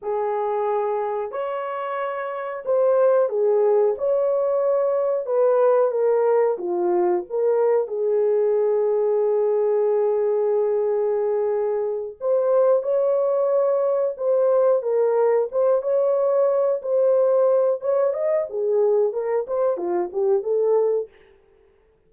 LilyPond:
\new Staff \with { instrumentName = "horn" } { \time 4/4 \tempo 4 = 91 gis'2 cis''2 | c''4 gis'4 cis''2 | b'4 ais'4 f'4 ais'4 | gis'1~ |
gis'2~ gis'8 c''4 cis''8~ | cis''4. c''4 ais'4 c''8 | cis''4. c''4. cis''8 dis''8 | gis'4 ais'8 c''8 f'8 g'8 a'4 | }